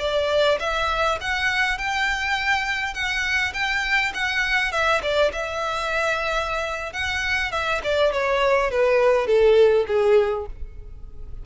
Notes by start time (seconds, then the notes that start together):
0.00 D5
0.60 E5
1.21 F#5
1.78 G5
2.94 F#5
3.54 G5
4.14 F#5
4.72 E5
5.03 D5
5.33 E5
6.93 F#5
7.52 E5
7.84 D5
8.13 C#5
8.71 B4
9.27 A4
9.88 G#4